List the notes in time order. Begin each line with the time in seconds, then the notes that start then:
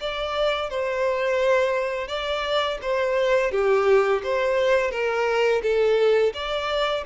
0.00 D5
0.70 C5
2.08 D5
2.82 C5
3.51 G4
4.23 C5
4.91 A#4
5.62 A4
6.34 D5